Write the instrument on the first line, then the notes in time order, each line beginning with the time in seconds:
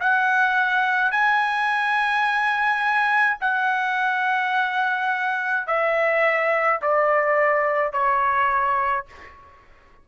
trumpet
0.00 F#5
1.11 G#5
3.40 F#5
5.67 E5
6.81 D5
7.92 C#5